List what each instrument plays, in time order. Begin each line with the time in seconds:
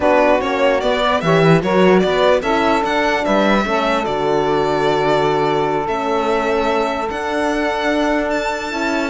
0.00 cello B3, horn D4, saxophone F#4, violin B4
0.40 cello A#3, horn C#4, violin C#5
0.80 horn B3, cello B3, violin D5
1.01 saxophone D5
1.21 cello E3, horn G4, saxophone C#5, violin E5
1.42 saxophone B4
1.62 cello F#3, horn F#4, saxophone A#4, violin C#5
1.99 cello B3, saxophone B4, violin D5
2.41 cello C#4, horn E4, saxophone A4, violin E5
2.80 horn D4, cello D4, violin F#5
3.24 cello G3, saxophone B4, violin E5
3.64 cello A3, horn C#4, saxophone A4
4.03 cello D3, horn F#4, violin D5
5.86 cello A3, horn C#4, violin E5
7.09 horn D4, cello D4, violin F#5
8.30 violin A5
8.70 cello C#4, horn E4